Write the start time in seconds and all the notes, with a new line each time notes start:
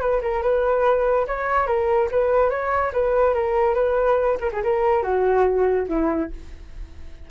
0.00 B4
0.21 A#4
0.42 B4
1.27 C#5
1.67 A#4
2.11 B4
2.50 C#5
2.92 B4
3.34 A#4
3.74 B4
4.40 A#4
4.52 G#4
4.63 A#4
5.03 F#4
5.88 E4